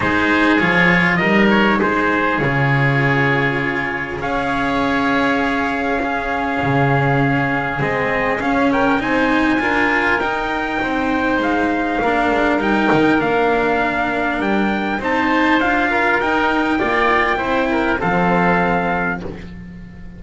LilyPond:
<<
  \new Staff \with { instrumentName = "trumpet" } { \time 4/4 \tempo 4 = 100 c''4 cis''4 dis''8 cis''8 c''4 | cis''2. f''4~ | f''1~ | f''4 dis''4 f''8 g''8 gis''4~ |
gis''4 g''2 f''4~ | f''4 g''4 f''2 | g''4 a''4 f''4 g''4~ | g''2 f''2 | }
  \new Staff \with { instrumentName = "oboe" } { \time 4/4 gis'2 ais'4 gis'4~ | gis'2. cis''4~ | cis''2 gis'2~ | gis'2~ gis'8 ais'8 c''4 |
ais'2 c''2 | ais'1~ | ais'4 c''4. ais'4. | d''4 c''8 ais'8 a'2 | }
  \new Staff \with { instrumentName = "cello" } { \time 4/4 dis'4 f'4 dis'2 | f'2. gis'4~ | gis'2 cis'2~ | cis'4 c'4 cis'4 dis'4 |
f'4 dis'2. | d'4 dis'4 d'2~ | d'4 dis'4 f'4 dis'4 | f'4 e'4 c'2 | }
  \new Staff \with { instrumentName = "double bass" } { \time 4/4 gis4 f4 g4 gis4 | cis2. cis'4~ | cis'2. cis4~ | cis4 gis4 cis'4 c'4 |
d'4 dis'4 c'4 gis4 | ais8 gis8 g8 dis8 ais2 | g4 c'4 d'4 dis'4 | ais4 c'4 f2 | }
>>